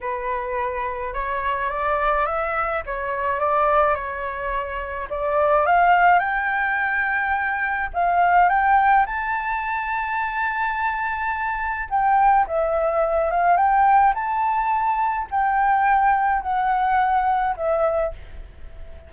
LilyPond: \new Staff \with { instrumentName = "flute" } { \time 4/4 \tempo 4 = 106 b'2 cis''4 d''4 | e''4 cis''4 d''4 cis''4~ | cis''4 d''4 f''4 g''4~ | g''2 f''4 g''4 |
a''1~ | a''4 g''4 e''4. f''8 | g''4 a''2 g''4~ | g''4 fis''2 e''4 | }